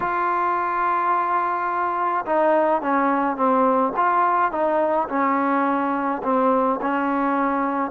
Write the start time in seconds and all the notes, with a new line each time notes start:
0.00 F4
2.25 D#4
2.81 C#4
3.36 C4
3.96 F4
4.51 D#4
5.08 C#4
6.23 C4
6.81 C#4